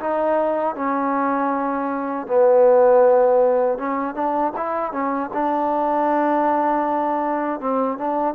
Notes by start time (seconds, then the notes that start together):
0.00 D#4
0.76 C#4
2.28 B3
3.79 C#4
4.15 D4
4.57 E4
4.93 C#4
5.34 D4
7.61 C4
7.98 D4